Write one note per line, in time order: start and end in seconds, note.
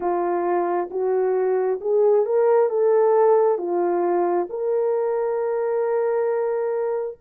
0.00 0.89 F4
0.90 1.80 F#4
1.81 2.26 G#4
2.26 2.69 A#4
2.69 3.58 A4
3.58 4.47 F4
4.49 7.18 A#4